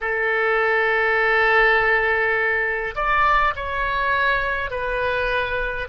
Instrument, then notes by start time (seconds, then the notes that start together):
oboe
0.00 A4
2.95 D5
3.55 C#5
4.70 B4